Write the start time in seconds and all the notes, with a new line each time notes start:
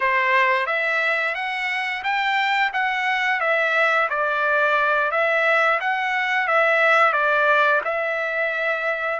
0.00 C5
0.66 E5
1.34 F#5
2.03 G5
2.73 F#5
3.40 E5
4.09 D5
5.11 E5
5.80 F#5
6.47 E5
7.12 D5
7.84 E5